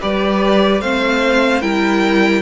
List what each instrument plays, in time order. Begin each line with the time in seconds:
0.00 cello G3, viola G4, violin B4 D5
0.81 cello A3, viola C4, violin C5 F5
1.61 cello G3, viola E4, violin A#4 G5